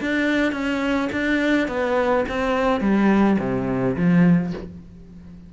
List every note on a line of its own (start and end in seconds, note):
0.00 0.52 D4
0.52 1.09 C#4
1.12 1.67 D4
1.67 2.24 B3
2.28 2.80 C4
2.80 3.37 G3
3.39 3.95 C3
3.96 4.52 F3